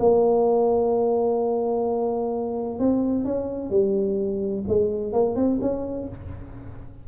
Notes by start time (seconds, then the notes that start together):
0.00 A#3
2.80 C4
3.25 C#4
3.71 G3
4.69 G#3
5.13 A#3
5.36 C4
5.62 C#4